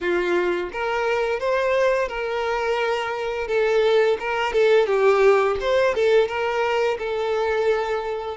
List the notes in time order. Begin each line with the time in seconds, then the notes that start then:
0.00 F4
0.72 A#4
1.40 C5
2.08 A#4
3.47 A4
4.19 A#4
4.53 A4
4.86 G4
5.60 C5
5.94 A4
6.28 A#4
6.98 A4